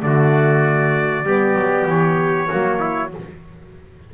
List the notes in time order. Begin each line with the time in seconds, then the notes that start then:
0.00 D3 A3 D5
0.06 F#4
1.24 G3 B3 G4
1.55 F#3
1.87 E3 C#5
2.48 F#3 A#3 F#4
2.80 E4